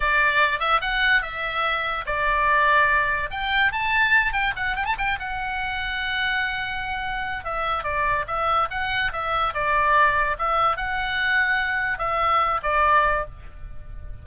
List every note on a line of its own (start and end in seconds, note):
0.00 0.59 D5
0.59 0.80 E5
0.81 1.22 F#5
1.22 2.04 E5
2.06 3.30 D5
3.30 3.71 G5
3.72 4.32 A5
4.32 4.53 G5
4.56 4.76 F#5
4.76 4.85 G5
4.85 4.96 A5
4.98 5.18 G5
5.19 7.44 F#5
7.44 7.83 E5
7.83 8.25 D5
8.27 8.68 E5
8.70 9.11 F#5
9.12 9.53 E5
9.53 10.36 D5
10.38 10.77 E5
10.77 11.98 F#5
11.98 12.60 E5
12.63 13.25 D5